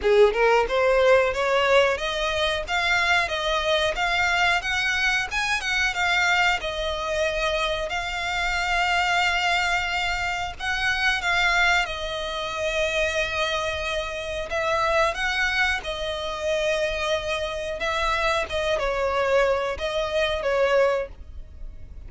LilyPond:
\new Staff \with { instrumentName = "violin" } { \time 4/4 \tempo 4 = 91 gis'8 ais'8 c''4 cis''4 dis''4 | f''4 dis''4 f''4 fis''4 | gis''8 fis''8 f''4 dis''2 | f''1 |
fis''4 f''4 dis''2~ | dis''2 e''4 fis''4 | dis''2. e''4 | dis''8 cis''4. dis''4 cis''4 | }